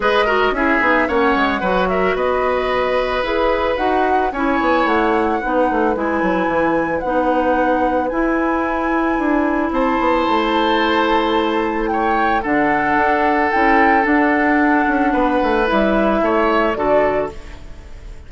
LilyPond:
<<
  \new Staff \with { instrumentName = "flute" } { \time 4/4 \tempo 4 = 111 dis''4 e''4 fis''4. e''8 | dis''2 b'4 fis''4 | gis''4 fis''2 gis''4~ | gis''4 fis''2 gis''4~ |
gis''2 a''2~ | a''2 g''4 fis''4~ | fis''4 g''4 fis''2~ | fis''4 e''2 d''4 | }
  \new Staff \with { instrumentName = "oboe" } { \time 4/4 b'8 ais'8 gis'4 cis''4 b'8 ais'8 | b'1 | cis''2 b'2~ | b'1~ |
b'2 c''2~ | c''2 cis''4 a'4~ | a'1 | b'2 cis''4 a'4 | }
  \new Staff \with { instrumentName = "clarinet" } { \time 4/4 gis'8 fis'8 e'8 dis'8 cis'4 fis'4~ | fis'2 gis'4 fis'4 | e'2 dis'4 e'4~ | e'4 dis'2 e'4~ |
e'1~ | e'2. d'4~ | d'4 e'4 d'2~ | d'4 e'2 fis'4 | }
  \new Staff \with { instrumentName = "bassoon" } { \time 4/4 gis4 cis'8 b8 ais8 gis8 fis4 | b2 e'4 dis'4 | cis'8 b8 a4 b8 a8 gis8 fis8 | e4 b2 e'4~ |
e'4 d'4 c'8 b8 a4~ | a2. d4 | d'4 cis'4 d'4. cis'8 | b8 a8 g4 a4 d4 | }
>>